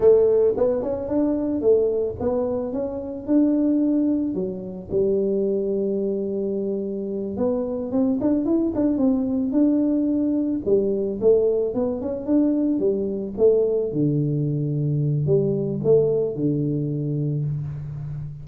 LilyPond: \new Staff \with { instrumentName = "tuba" } { \time 4/4 \tempo 4 = 110 a4 b8 cis'8 d'4 a4 | b4 cis'4 d'2 | fis4 g2.~ | g4. b4 c'8 d'8 e'8 |
d'8 c'4 d'2 g8~ | g8 a4 b8 cis'8 d'4 g8~ | g8 a4 d2~ d8 | g4 a4 d2 | }